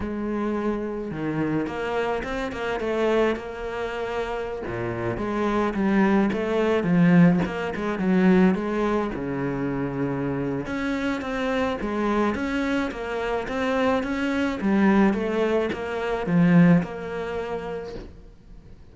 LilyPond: \new Staff \with { instrumentName = "cello" } { \time 4/4 \tempo 4 = 107 gis2 dis4 ais4 | c'8 ais8 a4 ais2~ | ais16 ais,4 gis4 g4 a8.~ | a16 f4 ais8 gis8 fis4 gis8.~ |
gis16 cis2~ cis8. cis'4 | c'4 gis4 cis'4 ais4 | c'4 cis'4 g4 a4 | ais4 f4 ais2 | }